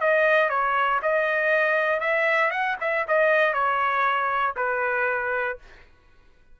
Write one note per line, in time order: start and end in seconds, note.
0.00 0.49 D#5
0.49 1.00 C#5
1.02 2.00 D#5
2.00 2.50 E5
2.50 2.76 F#5
2.80 3.06 E5
3.07 3.53 D#5
3.53 4.55 C#5
4.56 5.58 B4